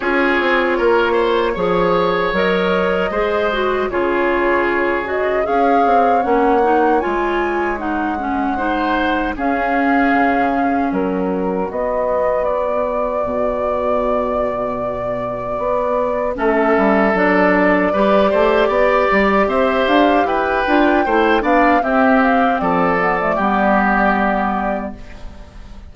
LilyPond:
<<
  \new Staff \with { instrumentName = "flute" } { \time 4/4 \tempo 4 = 77 cis''2. dis''4~ | dis''4 cis''4. dis''8 f''4 | fis''4 gis''4 fis''2 | f''2 ais'4 dis''4 |
d''1~ | d''4 e''4 d''2~ | d''4 e''8 f''8 g''4. f''8 | e''8 f''8 d''2. | }
  \new Staff \with { instrumentName = "oboe" } { \time 4/4 gis'4 ais'8 c''8 cis''2 | c''4 gis'2 cis''4~ | cis''2. c''4 | gis'2 fis'2~ |
fis'1~ | fis'4 a'2 b'8 c''8 | d''4 c''4 b'4 c''8 d''8 | g'4 a'4 g'2 | }
  \new Staff \with { instrumentName = "clarinet" } { \time 4/4 f'2 gis'4 ais'4 | gis'8 fis'8 f'4. fis'8 gis'4 | cis'8 dis'8 f'4 dis'8 cis'8 dis'4 | cis'2. b4~ |
b1~ | b4 cis'4 d'4 g'4~ | g'2~ g'8 f'8 e'8 d'8 | c'4. b16 a16 b2 | }
  \new Staff \with { instrumentName = "bassoon" } { \time 4/4 cis'8 c'8 ais4 f4 fis4 | gis4 cis2 cis'8 c'8 | ais4 gis2. | cis'4 cis4 fis4 b4~ |
b4 b,2. | b4 a8 g8 fis4 g8 a8 | b8 g8 c'8 d'8 e'8 d'8 a8 b8 | c'4 f4 g2 | }
>>